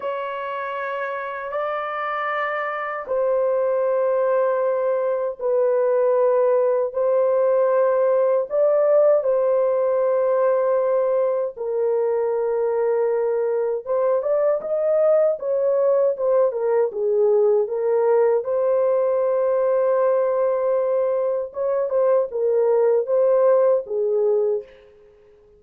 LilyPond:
\new Staff \with { instrumentName = "horn" } { \time 4/4 \tempo 4 = 78 cis''2 d''2 | c''2. b'4~ | b'4 c''2 d''4 | c''2. ais'4~ |
ais'2 c''8 d''8 dis''4 | cis''4 c''8 ais'8 gis'4 ais'4 | c''1 | cis''8 c''8 ais'4 c''4 gis'4 | }